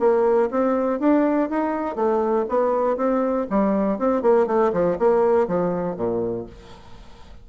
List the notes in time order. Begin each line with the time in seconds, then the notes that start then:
0.00 A#3
0.51 C4
1.00 D4
1.50 D#4
1.96 A3
2.49 B3
2.97 C4
3.50 G3
3.99 C4
4.22 A#3
4.47 A3
4.73 F3
4.99 A#3
5.48 F3
5.97 A#2